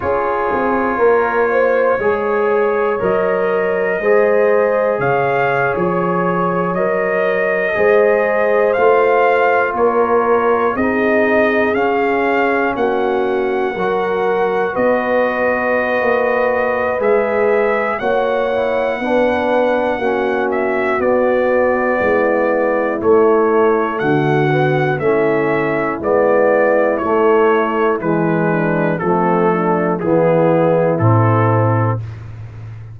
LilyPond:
<<
  \new Staff \with { instrumentName = "trumpet" } { \time 4/4 \tempo 4 = 60 cis''2. dis''4~ | dis''4 f''8. cis''4 dis''4~ dis''16~ | dis''8. f''4 cis''4 dis''4 f''16~ | f''8. fis''2 dis''4~ dis''16~ |
dis''4 e''4 fis''2~ | fis''8 e''8 d''2 cis''4 | fis''4 e''4 d''4 cis''4 | b'4 a'4 gis'4 a'4 | }
  \new Staff \with { instrumentName = "horn" } { \time 4/4 gis'4 ais'8 c''8 cis''2 | c''4 cis''2~ cis''8. c''16~ | c''4.~ c''16 ais'4 gis'4~ gis'16~ | gis'8. fis'4 ais'4 b'4~ b'16~ |
b'2 cis''4 b'4 | fis'2 e'2 | fis'4 e'2.~ | e'8 d'8 c'8 d'8 e'2 | }
  \new Staff \with { instrumentName = "trombone" } { \time 4/4 f'2 gis'4 ais'4 | gis'2~ gis'8. ais'4 gis'16~ | gis'8. f'2 dis'4 cis'16~ | cis'4.~ cis'16 fis'2~ fis'16~ |
fis'4 gis'4 fis'8 e'8 d'4 | cis'4 b2 a4~ | a8 b8 cis'4 b4 a4 | gis4 a4 b4 c'4 | }
  \new Staff \with { instrumentName = "tuba" } { \time 4/4 cis'8 c'8 ais4 gis4 fis4 | gis4 cis8. f4 fis4 gis16~ | gis8. a4 ais4 c'4 cis'16~ | cis'8. ais4 fis4 b4~ b16 |
ais4 gis4 ais4 b4 | ais4 b4 gis4 a4 | d4 a4 gis4 a4 | e4 f4 e4 a,4 | }
>>